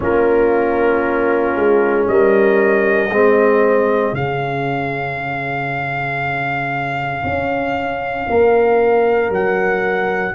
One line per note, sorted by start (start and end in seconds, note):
0.00 1.55 A#3
0.00 3.10 C#4
0.00 2.08 F4
0.00 2.07 A#4
1.55 2.07 G#3
2.07 3.09 G3
2.07 3.12 A#4
2.07 4.14 D#5
3.09 4.12 G#3
3.09 4.15 C4
3.09 8.28 G#4
4.12 7.23 C#3
4.12 10.34 C#4
4.12 9.31 F5
7.23 8.27 C#4
8.28 9.29 A#3
8.28 10.34 A#4
9.29 10.33 F#3
9.29 10.34 F#5